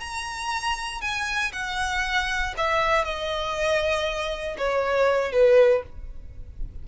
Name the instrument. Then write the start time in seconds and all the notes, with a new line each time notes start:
violin
0.00 A#5
1.01 G#5
1.53 F#5
2.57 E5
3.05 D#5
4.58 C#5
5.32 B4